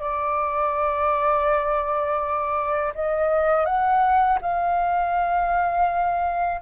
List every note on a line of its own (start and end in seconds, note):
0.00 2.93 D5
2.94 3.65 D#5
3.65 4.38 F#5
4.41 6.61 F5